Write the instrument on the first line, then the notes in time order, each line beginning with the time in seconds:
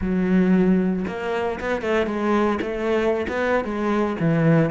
cello
0.01 F#3
1.07 A#3
1.60 B3
1.81 A3
2.06 G#3
2.61 A3
3.28 B3
3.64 G#3
4.20 E3